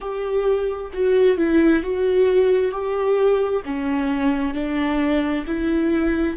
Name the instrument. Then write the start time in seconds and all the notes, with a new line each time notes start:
viola
0.00 G4
0.93 F#4
1.37 E4
1.82 F#4
2.71 G4
3.65 C#4
4.53 D4
5.46 E4